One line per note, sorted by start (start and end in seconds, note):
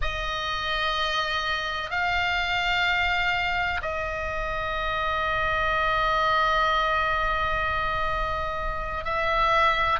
0.01 1.90 D#5
1.90 3.81 F5
3.82 9.04 D#5
9.04 9.99 E5